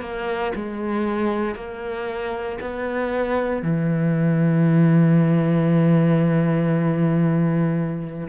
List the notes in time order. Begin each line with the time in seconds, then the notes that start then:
0.00 A#3
0.55 G#3
1.55 A#3
2.60 B3
3.62 E3